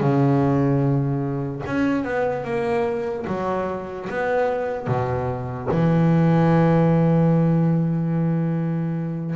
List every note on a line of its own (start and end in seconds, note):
0.00 1.62 C#3
1.65 2.04 C#4
2.04 2.44 B3
2.44 3.25 A#3
3.27 4.08 F#3
4.09 4.87 B3
4.87 5.68 B2
5.71 9.35 E3